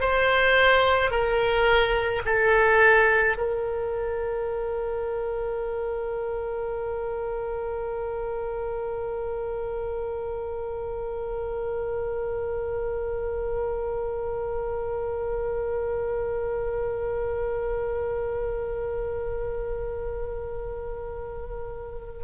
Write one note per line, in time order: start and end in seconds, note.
0.00 1.11 C5
1.11 2.22 A#4
2.25 3.36 A4
3.37 22.23 A#4